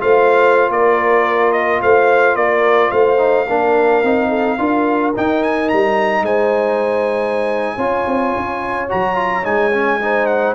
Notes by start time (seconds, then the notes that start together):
0.00 A3 F4 C5 F5
0.70 A#3 A#4 D5
1.53 D#5
1.82 A3 C5 F5
2.36 A#3 A#4 D5
2.91 A3 C5 F5
3.18 D#4
3.48 A#3 D4 A#4
4.04 C4 D#4
4.29 A4
4.58 D4 F4 A#4
5.16 D#4 G5
5.43 G#5
5.69 G3 A#5
6.22 G#3 C5 G#5
7.76 C#4 F4 C#5
8.07 C4
8.36 C#4
8.89 F#3 F#4 A#5
9.15 F4
9.44 G#3 D#4 G#5
9.73 C#4
10.01 D#4 C5
10.26 F#5